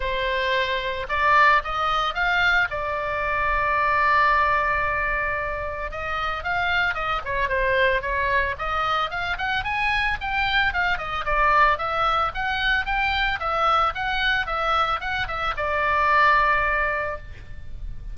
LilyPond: \new Staff \with { instrumentName = "oboe" } { \time 4/4 \tempo 4 = 112 c''2 d''4 dis''4 | f''4 d''2.~ | d''2. dis''4 | f''4 dis''8 cis''8 c''4 cis''4 |
dis''4 f''8 fis''8 gis''4 g''4 | f''8 dis''8 d''4 e''4 fis''4 | g''4 e''4 fis''4 e''4 | fis''8 e''8 d''2. | }